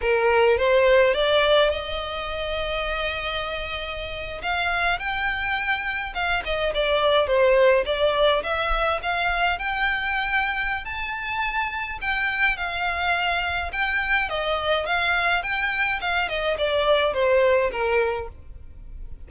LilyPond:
\new Staff \with { instrumentName = "violin" } { \time 4/4 \tempo 4 = 105 ais'4 c''4 d''4 dis''4~ | dis''2.~ dis''8. f''16~ | f''8. g''2 f''8 dis''8 d''16~ | d''8. c''4 d''4 e''4 f''16~ |
f''8. g''2~ g''16 a''4~ | a''4 g''4 f''2 | g''4 dis''4 f''4 g''4 | f''8 dis''8 d''4 c''4 ais'4 | }